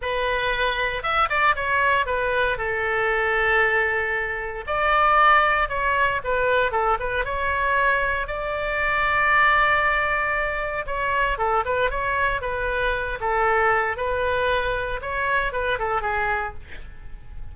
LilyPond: \new Staff \with { instrumentName = "oboe" } { \time 4/4 \tempo 4 = 116 b'2 e''8 d''8 cis''4 | b'4 a'2.~ | a'4 d''2 cis''4 | b'4 a'8 b'8 cis''2 |
d''1~ | d''4 cis''4 a'8 b'8 cis''4 | b'4. a'4. b'4~ | b'4 cis''4 b'8 a'8 gis'4 | }